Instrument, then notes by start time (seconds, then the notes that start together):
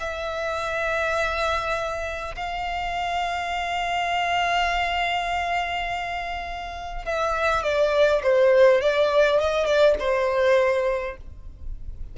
violin
0.00 E5
2.36 F5
7.05 E5
7.63 D5
8.23 C5
8.81 D5
9.40 D#5
9.66 D5
9.99 C5